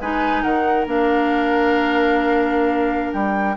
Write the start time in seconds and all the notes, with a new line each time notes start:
0.00 G#3 D#4 B4 G#5
0.42 D#3 A#4 F#5
0.86 A#3 D4 F5
3.13 G3 G5